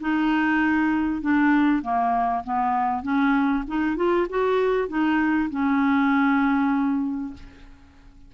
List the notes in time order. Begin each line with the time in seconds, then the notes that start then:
0.00 D#4
1.21 D4
1.82 A#3
2.44 B3
3.02 C#4
3.67 D#4
3.96 F4
4.29 F#4
4.88 D#4
5.50 C#4